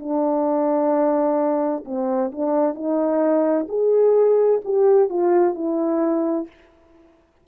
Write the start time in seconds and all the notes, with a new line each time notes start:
0.00 D4
1.85 C4
2.32 D4
2.75 D#4
3.69 G#4
4.65 G4
5.10 F4
5.55 E4